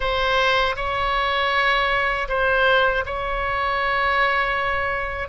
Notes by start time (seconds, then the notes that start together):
0.00 C5
0.76 C#5
2.28 C5
3.05 C#5